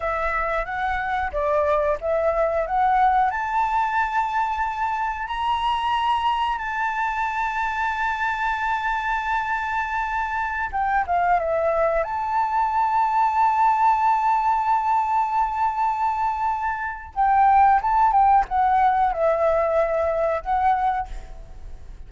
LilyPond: \new Staff \with { instrumentName = "flute" } { \time 4/4 \tempo 4 = 91 e''4 fis''4 d''4 e''4 | fis''4 a''2. | ais''2 a''2~ | a''1~ |
a''16 g''8 f''8 e''4 a''4.~ a''16~ | a''1~ | a''2 g''4 a''8 g''8 | fis''4 e''2 fis''4 | }